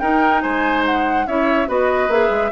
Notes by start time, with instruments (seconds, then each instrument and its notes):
0.00 clarinet D#4, bassoon D#4, oboe A#4, flute G5
0.42 bassoon G#3, oboe C5, flute G#5
0.86 flute F#5
1.27 bassoon C#4, clarinet E4, oboe C#5, flute E5
1.68 bassoon B3, clarinet F#4, oboe B4, flute D#5
2.09 bassoon A#3, clarinet G#4, flute E5
2.31 bassoon G#3